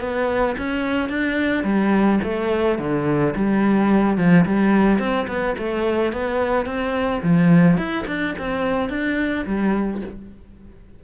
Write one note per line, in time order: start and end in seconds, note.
0.00 0.56 B3
0.58 1.09 C#4
1.09 1.64 D4
1.64 2.19 G3
2.23 2.78 A3
2.78 3.34 D3
3.35 4.17 G3
4.17 4.45 F3
4.45 4.99 G3
4.99 5.27 C4
5.27 5.55 B3
5.58 6.13 A3
6.13 6.66 B3
6.66 7.21 C4
7.22 7.77 F3
7.77 8.05 E4
8.07 8.35 D4
8.38 8.89 C4
8.89 9.45 D4
9.46 10.01 G3